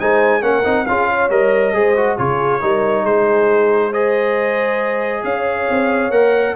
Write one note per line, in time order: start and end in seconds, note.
0.00 0.43 G#3
0.00 0.42 D#4
0.00 0.42 C5
0.00 0.43 G#5
0.42 0.65 A#3
0.42 0.64 C#4
0.42 0.85 A#4
0.42 0.86 F#5
0.64 0.87 C4
0.64 0.86 D#4
0.86 1.30 C#4
0.86 1.30 F4
0.86 1.09 G#4
0.86 1.30 F5
1.09 1.75 C#5
1.30 1.74 G3
1.30 1.74 A#4
1.30 2.18 D#5
1.74 2.18 G#3
1.74 1.96 G#4
1.74 2.17 C5
1.97 2.18 F#4
2.17 2.63 C#3
2.17 2.61 F4
2.17 2.61 G#4
2.17 3.05 C#5
2.61 3.04 G3
2.61 3.93 D#4
2.61 3.03 A#4
3.03 5.23 G#3
3.03 3.91 G#4
3.03 3.93 C5
3.91 6.12 G#4
3.91 5.23 C5
3.91 5.24 D#5
5.24 5.68 C#4
5.24 6.56 C#5
5.24 6.11 F5
5.70 6.11 C4
6.11 6.54 A#3
6.11 6.56 A#4
6.11 6.55 F#5